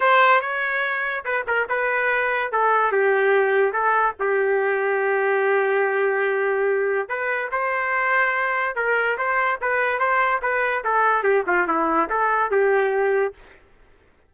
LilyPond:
\new Staff \with { instrumentName = "trumpet" } { \time 4/4 \tempo 4 = 144 c''4 cis''2 b'8 ais'8 | b'2 a'4 g'4~ | g'4 a'4 g'2~ | g'1~ |
g'4 b'4 c''2~ | c''4 ais'4 c''4 b'4 | c''4 b'4 a'4 g'8 f'8 | e'4 a'4 g'2 | }